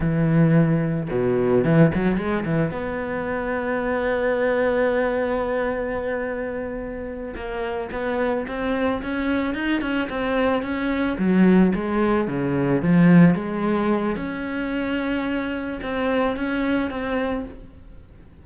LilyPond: \new Staff \with { instrumentName = "cello" } { \time 4/4 \tempo 4 = 110 e2 b,4 e8 fis8 | gis8 e8 b2.~ | b1~ | b4. ais4 b4 c'8~ |
c'8 cis'4 dis'8 cis'8 c'4 cis'8~ | cis'8 fis4 gis4 cis4 f8~ | f8 gis4. cis'2~ | cis'4 c'4 cis'4 c'4 | }